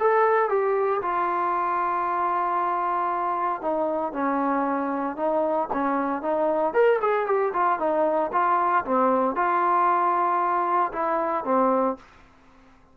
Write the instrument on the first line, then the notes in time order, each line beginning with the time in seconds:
trombone
0.00 A4
0.50 G4
1.02 F4
3.62 D#4
4.13 C#4
5.17 D#4
5.74 C#4
6.22 D#4
6.74 A#4
7.02 G#4
7.27 G4
7.53 F4
7.80 D#4
8.33 F4
8.85 C4
9.36 F4
10.93 E4
11.45 C4